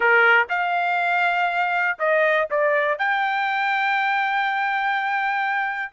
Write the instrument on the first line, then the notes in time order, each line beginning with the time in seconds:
trumpet
0.00 A#4
0.49 F5
1.98 D#5
2.50 D5
2.98 G5